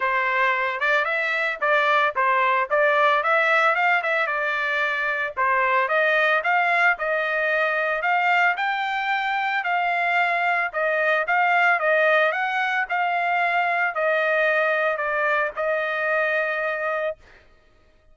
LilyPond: \new Staff \with { instrumentName = "trumpet" } { \time 4/4 \tempo 4 = 112 c''4. d''8 e''4 d''4 | c''4 d''4 e''4 f''8 e''8 | d''2 c''4 dis''4 | f''4 dis''2 f''4 |
g''2 f''2 | dis''4 f''4 dis''4 fis''4 | f''2 dis''2 | d''4 dis''2. | }